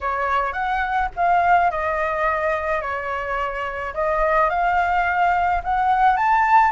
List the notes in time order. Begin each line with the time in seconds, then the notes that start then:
0.00 C#5
0.52 F#5
1.16 F5
1.71 D#5
2.81 C#5
3.94 D#5
4.49 F5
5.63 F#5
6.17 A5